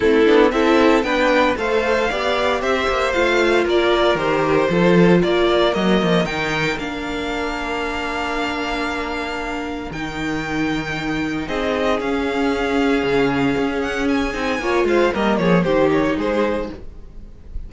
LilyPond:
<<
  \new Staff \with { instrumentName = "violin" } { \time 4/4 \tempo 4 = 115 a'4 e''4 g''4 f''4~ | f''4 e''4 f''4 d''4 | c''2 d''4 dis''4 | g''4 f''2.~ |
f''2. g''4~ | g''2 dis''4 f''4~ | f''2~ f''8 fis''8 gis''4~ | gis''8 f''8 dis''8 cis''8 c''8 cis''8 c''4 | }
  \new Staff \with { instrumentName = "violin" } { \time 4/4 e'4 a'4 b'4 c''4 | d''4 c''2 ais'4~ | ais'4 a'4 ais'2~ | ais'1~ |
ais'1~ | ais'2 gis'2~ | gis'1 | cis''8 c''8 ais'8 gis'8 g'4 gis'4 | }
  \new Staff \with { instrumentName = "viola" } { \time 4/4 c'8 d'8 e'4 d'4 a'4 | g'2 f'2 | g'4 f'2 ais4 | dis'4 d'2.~ |
d'2. dis'4~ | dis'2. cis'4~ | cis'2.~ cis'8 dis'8 | f'4 ais4 dis'2 | }
  \new Staff \with { instrumentName = "cello" } { \time 4/4 a8 b8 c'4 b4 a4 | b4 c'8 ais8 a4 ais4 | dis4 f4 ais4 fis8 f8 | dis4 ais2.~ |
ais2. dis4~ | dis2 c'4 cis'4~ | cis'4 cis4 cis'4. c'8 | ais8 gis8 g8 f8 dis4 gis4 | }
>>